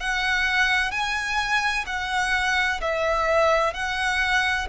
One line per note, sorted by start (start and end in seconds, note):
0.00 0.91 F#5
0.91 1.85 G#5
1.87 2.80 F#5
2.81 3.74 E5
3.74 4.68 F#5